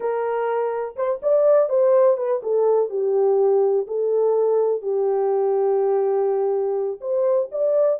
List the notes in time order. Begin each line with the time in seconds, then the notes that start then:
0.00 A#4
0.96 C5
1.22 D5
1.69 C5
2.17 B4
2.43 A4
2.89 G4
3.87 A4
4.82 G4
7.01 C5
7.51 D5